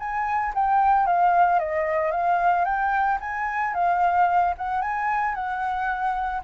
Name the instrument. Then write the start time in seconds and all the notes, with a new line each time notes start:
flute
0.00 G#5
0.55 G5
1.07 F5
1.60 D#5
2.11 F5
2.65 G5
3.21 G#5
3.75 F5
4.58 F#5
4.82 G#5
5.35 F#5